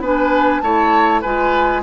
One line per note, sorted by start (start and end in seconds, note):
0.00 0.61 B3
0.00 0.63 D4
0.00 0.62 B4
0.00 0.60 G#5
0.60 1.23 A3
0.60 1.24 E4
0.60 1.22 C#5
0.60 1.21 A5
1.22 1.83 G#3
1.22 1.83 F4
1.22 1.82 B4
1.22 1.83 G#5